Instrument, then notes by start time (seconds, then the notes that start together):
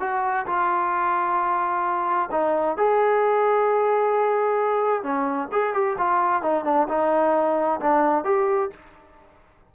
trombone
0.00 F#4
0.46 F4
2.31 D#4
2.77 G#4
5.03 C#4
5.52 G#4
5.73 G4
5.98 F4
6.42 D#4
6.64 D4
6.88 D#4
7.80 D4
8.24 G4